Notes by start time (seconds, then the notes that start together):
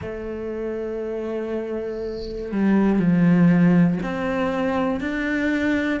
0.01 A3
2.51 G3
2.99 F3
4.03 C4
5.00 D4